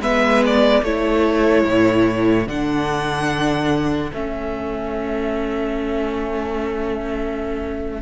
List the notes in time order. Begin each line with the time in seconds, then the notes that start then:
0.00 G#3 B3 B4 E5
0.46 D5
0.83 A3 E4 A4 C#5
1.66 A2
2.47 D3 D4 F#5
4.13 A3 C#4 E5